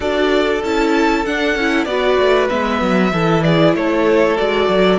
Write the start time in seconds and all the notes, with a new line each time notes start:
0.00 D4 F#4 A4 D5
0.63 C#4 E4 A5
1.25 D4 F#5
1.55 C#4 E4
1.85 B3 F#4 D5
1.91 B4
2.18 A3
2.49 G#3 B3 E5
2.81 F#3
3.12 E3 E4 A4
3.42 G#4 D5
3.74 A3 A4 C#5
4.37 G#3 F#4 D5
4.68 F#3